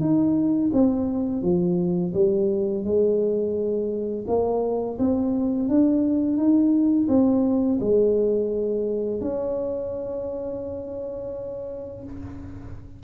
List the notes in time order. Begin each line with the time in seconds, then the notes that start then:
0.00 D#4
0.73 C4
1.42 F3
2.14 G3
2.84 G#3
4.27 A#3
4.98 C4
5.68 D4
6.37 D#4
7.08 C4
7.80 G#3
9.21 C#4